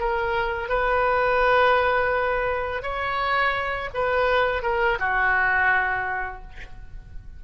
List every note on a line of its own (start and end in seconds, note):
0.00 0.69 A#4
0.69 2.83 B4
2.83 3.90 C#5
3.94 4.63 B4
4.63 4.99 A#4
5.00 6.43 F#4